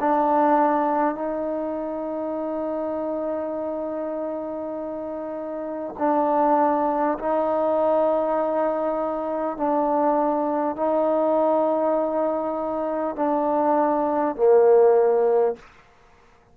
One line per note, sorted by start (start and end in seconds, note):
0.00 1.15 D4
1.15 5.95 D#4
5.98 7.18 D4
7.19 9.58 D#4
9.58 10.77 D4
10.77 13.16 D#4
13.16 14.36 D4
14.36 15.56 A#3